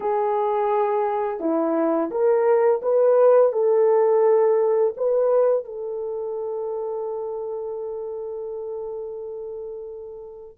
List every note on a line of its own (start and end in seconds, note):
0.00 1.39 G#4
1.39 2.10 E4
2.10 2.81 A#4
2.82 3.52 B4
3.52 4.93 A4
4.96 5.65 B4
5.65 10.58 A4